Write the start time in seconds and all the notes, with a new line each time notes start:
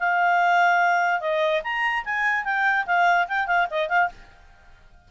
0.00 F5
1.21 D#5
1.64 A#5
2.05 G#5
2.45 G5
2.87 F5
3.28 G5
3.47 F5
3.71 D#5
3.89 F5